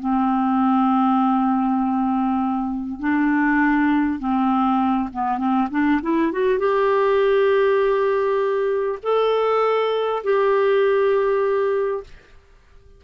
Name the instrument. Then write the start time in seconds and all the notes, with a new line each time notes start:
clarinet
0.00 C4
3.00 D4
4.19 C4
5.13 B3
5.38 C4
5.71 D4
6.02 E4
6.32 F#4
6.59 G4
9.03 A4
10.24 G4